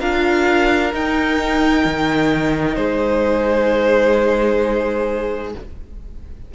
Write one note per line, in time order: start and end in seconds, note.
0.00 0.93 D4
0.00 0.93 F4
0.00 2.77 A#4
0.00 0.93 F5
0.93 5.54 D#4
0.93 1.85 D#4
0.93 2.76 G5
1.85 2.77 D#3
2.76 5.55 G#3
2.76 5.54 G#4
2.76 5.53 C5